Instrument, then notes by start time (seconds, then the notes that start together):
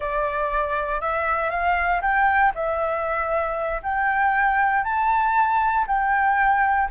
flute
0.00 D5
1.00 E5
1.50 F5
2.01 G5
2.54 E5
3.82 G5
4.84 A5
5.87 G5